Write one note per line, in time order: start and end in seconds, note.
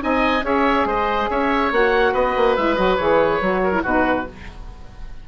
0.00 0.43 C4
0.00 0.43 D#4
0.00 0.45 D#5
0.00 0.46 G#5
0.43 0.85 C#4
0.43 1.72 G#4
0.43 0.87 C#5
0.43 0.89 E5
0.85 1.28 G#3
0.85 1.30 C5
0.85 1.30 D#5
1.30 1.72 C#4
1.30 2.13 C#5
1.30 1.73 E5
1.72 2.14 A#3
1.72 2.57 F#4
1.72 2.15 F#5
2.13 2.36 B3
2.13 3.62 B4
2.13 2.57 D#5
2.37 2.58 A#3
2.57 2.78 G#3
2.57 2.77 E4
2.57 2.76 E5
2.76 2.99 F#3
2.76 2.98 F#4
2.76 2.97 D#5
2.97 3.41 E3
2.97 3.42 G#4
2.97 3.82 C#5
3.41 3.84 F#3
3.41 3.73 F#4
3.64 3.83 A#4
3.73 3.84 E4
3.83 4.27 B2
3.83 4.28 D#4
3.83 4.26 F#4
3.83 4.28 B4